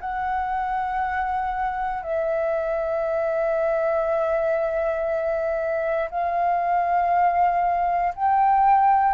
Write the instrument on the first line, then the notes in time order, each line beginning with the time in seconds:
flute
0.00 F#5
2.02 E5
6.10 F5
8.15 G5